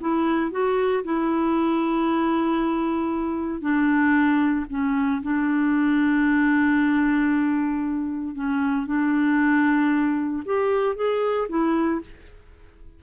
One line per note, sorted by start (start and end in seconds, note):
0.00 0.51 E4
0.51 1.03 F#4
1.04 3.61 E4
3.61 4.65 D4
4.69 5.22 C#4
5.22 8.35 D4
8.35 8.86 C#4
8.86 10.43 D4
10.45 10.95 G4
10.95 11.48 G#4
11.49 12.01 E4